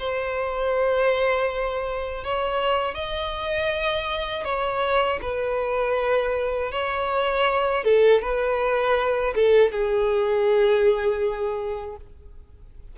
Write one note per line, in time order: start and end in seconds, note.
0.00 2.24 C5
2.24 2.95 C#5
2.95 4.45 D#5
4.45 5.20 C#5
5.22 6.72 B4
6.72 7.84 C#5
7.84 8.22 A4
8.22 9.34 B4
9.35 9.72 A4
9.72 11.97 G#4